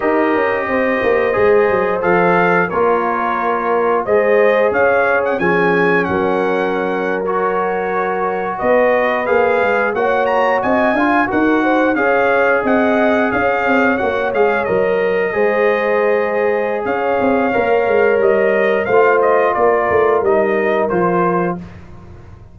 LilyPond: <<
  \new Staff \with { instrumentName = "trumpet" } { \time 4/4 \tempo 4 = 89 dis''2. f''4 | cis''2 dis''4 f''8. fis''16 | gis''4 fis''4.~ fis''16 cis''4~ cis''16~ | cis''8. dis''4 f''4 fis''8 ais''8 gis''16~ |
gis''8. fis''4 f''4 fis''4 f''16~ | f''8. fis''8 f''8 dis''2~ dis''16~ | dis''4 f''2 dis''4 | f''8 dis''8 d''4 dis''4 c''4 | }
  \new Staff \with { instrumentName = "horn" } { \time 4/4 ais'4 c''2. | ais'2 c''4 cis''4 | gis'4 ais'2.~ | ais'8. b'2 cis''4 dis''16~ |
dis''16 f''8 ais'8 c''8 cis''4 dis''4 cis''16~ | cis''2~ cis''8. c''4~ c''16~ | c''4 cis''2. | c''4 ais'2. | }
  \new Staff \with { instrumentName = "trombone" } { \time 4/4 g'2 gis'4 a'4 | f'2 gis'2 | cis'2~ cis'8. fis'4~ fis'16~ | fis'4.~ fis'16 gis'4 fis'4~ fis'16~ |
fis'16 f'8 fis'4 gis'2~ gis'16~ | gis'8. fis'8 gis'8 ais'4 gis'4~ gis'16~ | gis'2 ais'2 | f'2 dis'4 f'4 | }
  \new Staff \with { instrumentName = "tuba" } { \time 4/4 dis'8 cis'8 c'8 ais8 gis8 fis8 f4 | ais2 gis4 cis'4 | f4 fis2.~ | fis8. b4 ais8 gis8 ais4 c'16~ |
c'16 d'8 dis'4 cis'4 c'4 cis'16~ | cis'16 c'8 ais8 gis8 fis4 gis4~ gis16~ | gis4 cis'8 c'8 ais8 gis8 g4 | a4 ais8 a8 g4 f4 | }
>>